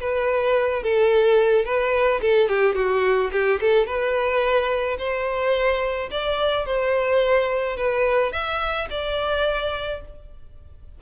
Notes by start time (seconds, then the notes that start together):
0.00 B4
0.83 A4
1.65 B4
2.21 A4
2.49 G4
2.75 F#4
3.33 G4
3.61 A4
3.86 B4
4.99 C5
6.11 D5
6.66 C5
7.77 B4
8.33 E5
8.91 D5